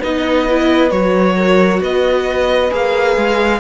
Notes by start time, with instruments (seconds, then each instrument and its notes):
0.00 cello B3, viola D#4, horn B4, violin D#5
0.50 viola E4
0.90 cello F#3, viola F#4, violin C#5
1.37 horn A#4
1.81 cello B3, horn B4, violin D#5
2.71 cello A#3, viola G#4, violin F5
3.17 cello G#3